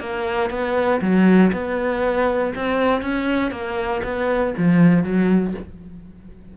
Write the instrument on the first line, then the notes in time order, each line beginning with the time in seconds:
cello
0.00 A#3
0.50 B3
1.01 F#3
1.53 B3
2.55 C4
3.02 C#4
3.51 A#3
4.04 B3
4.58 F3
5.04 F#3